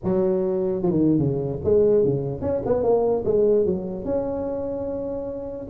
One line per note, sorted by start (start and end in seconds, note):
0.04 0.82 F#3
0.82 0.90 F3
0.90 1.18 D#3
1.18 1.58 C#3
1.63 2.04 G#3
2.04 2.41 C#3
2.41 2.61 C#4
2.65 2.83 B3
2.83 3.23 A#3
3.25 3.65 G#3
3.65 4.04 F#3
4.04 5.66 C#4